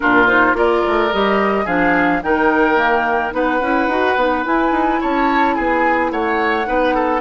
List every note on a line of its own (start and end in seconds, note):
0.00 0.53 A#2
0.00 0.25 D4
0.00 0.57 F4
0.00 0.27 A#4
0.27 0.54 D#4
0.27 0.55 C5
0.53 0.81 A#3
0.53 1.09 F4
0.53 1.64 A#4
0.53 1.13 D5
0.87 1.13 A3
1.12 1.66 G3
1.12 1.66 G4
1.12 1.66 D#5
1.64 2.21 F3
1.64 2.22 D4
1.64 2.20 G#4
1.64 2.22 F5
2.22 3.32 D#3
2.22 2.75 D#4
2.22 3.34 A#4
2.22 3.33 G5
2.75 3.31 A#3
3.31 3.60 B3
3.31 3.58 D#4
3.31 5.00 B4
3.31 4.45 F#5
3.60 3.87 C#4
3.60 3.89 E4
3.87 4.15 D#4
3.87 4.17 F#4
4.16 4.44 B3
4.16 4.44 D#4
4.44 6.65 E4
4.44 4.71 E4
4.44 5.01 G#5
4.71 4.98 D#4
5.00 5.57 C#4
5.00 5.55 C#5
5.00 5.55 A5
5.55 6.11 B3
5.55 6.11 G#4
5.55 6.10 G#5
6.11 6.66 A3
6.11 6.67 C#5
6.11 7.21 F#5
6.65 7.21 B3
6.65 7.20 D#4
6.65 6.94 B4
6.94 7.21 A4